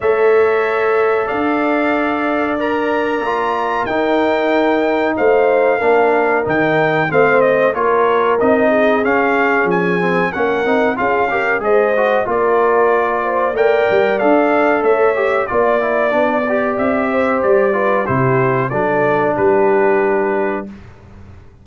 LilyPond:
<<
  \new Staff \with { instrumentName = "trumpet" } { \time 4/4 \tempo 4 = 93 e''2 f''2 | ais''2 g''2 | f''2 g''4 f''8 dis''8 | cis''4 dis''4 f''4 gis''4 |
fis''4 f''4 dis''4 d''4~ | d''4 g''4 f''4 e''4 | d''2 e''4 d''4 | c''4 d''4 b'2 | }
  \new Staff \with { instrumentName = "horn" } { \time 4/4 cis''2 d''2~ | d''2 ais'2 | c''4 ais'2 c''4 | ais'4. gis'2~ gis'8 |
ais'4 gis'8 ais'8 c''4 ais'4~ | ais'8 c''8 d''2 cis''4 | d''2~ d''8 c''4 b'8 | g'4 a'4 g'2 | }
  \new Staff \with { instrumentName = "trombone" } { \time 4/4 a'1 | ais'4 f'4 dis'2~ | dis'4 d'4 dis'4 c'4 | f'4 dis'4 cis'4. c'8 |
cis'8 dis'8 f'8 g'8 gis'8 fis'8 f'4~ | f'4 ais'4 a'4. g'8 | f'8 e'8 d'8 g'2 f'8 | e'4 d'2. | }
  \new Staff \with { instrumentName = "tuba" } { \time 4/4 a2 d'2~ | d'4 ais4 dis'2 | a4 ais4 dis4 a4 | ais4 c'4 cis'4 f4 |
ais8 c'8 cis'4 gis4 ais4~ | ais4 a8 g8 d'4 a4 | ais4 b4 c'4 g4 | c4 fis4 g2 | }
>>